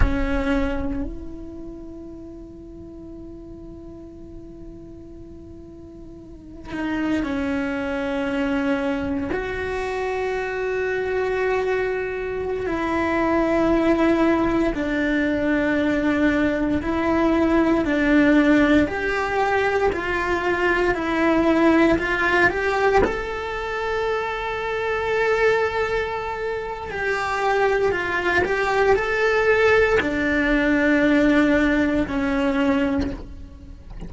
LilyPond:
\new Staff \with { instrumentName = "cello" } { \time 4/4 \tempo 4 = 58 cis'4 e'2.~ | e'2~ e'8 dis'8 cis'4~ | cis'4 fis'2.~ | fis'16 e'2 d'4.~ d'16~ |
d'16 e'4 d'4 g'4 f'8.~ | f'16 e'4 f'8 g'8 a'4.~ a'16~ | a'2 g'4 f'8 g'8 | a'4 d'2 cis'4 | }